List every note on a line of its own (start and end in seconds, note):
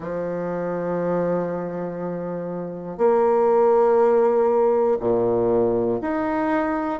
0.00 2.97 F3
2.97 4.97 A#3
5.00 6.00 A#2
6.01 7.00 D#4